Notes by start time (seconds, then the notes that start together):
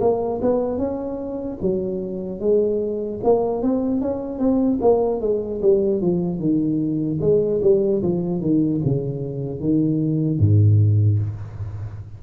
0.00 A#3
0.41 B3
0.77 C#4
1.61 F#3
2.40 G#3
3.23 A#3
3.62 C4
4.01 C#4
4.39 C4
4.81 A#3
5.20 G#3
5.61 G3
6.01 F3
6.39 D#3
7.20 G#3
7.62 G3
8.02 F3
8.40 D#3
8.84 C#3
9.60 D#3
10.39 G#2